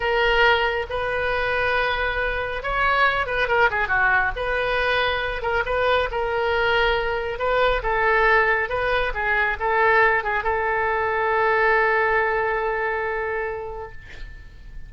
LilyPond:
\new Staff \with { instrumentName = "oboe" } { \time 4/4 \tempo 4 = 138 ais'2 b'2~ | b'2 cis''4. b'8 | ais'8 gis'8 fis'4 b'2~ | b'8 ais'8 b'4 ais'2~ |
ais'4 b'4 a'2 | b'4 gis'4 a'4. gis'8 | a'1~ | a'1 | }